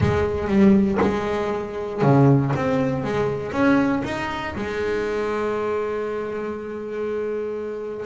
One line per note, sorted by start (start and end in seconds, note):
0.00 0.47 G#3
0.47 0.98 G3
1.01 2.01 G#3
2.02 2.52 C#3
2.55 3.04 C4
3.04 3.52 G#3
3.52 4.02 C#4
4.04 4.54 D#4
4.55 8.06 G#3